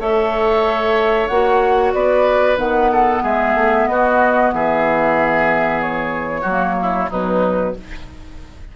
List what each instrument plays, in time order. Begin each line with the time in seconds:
0.00 bassoon A3, clarinet A4, oboe C#5, flute E5
1.28 bassoon A#3, clarinet F#4, flute F#5
1.93 bassoon B3, oboe B4, flute D5
2.57 bassoon D#3, clarinet B3, flute F#5
2.92 oboe A4
3.23 bassoon G#3, oboe G#4, flute E5
3.55 bassoon A3
3.88 bassoon B3, oboe F#4, flute D#5
4.53 bassoon E3, oboe G#4, flute E5
5.82 flute C#5
6.42 bassoon F#3, oboe F#4
6.49 clarinet A#3
6.82 oboe E4
7.10 bassoon B2, clarinet F#3, oboe D#4, flute B4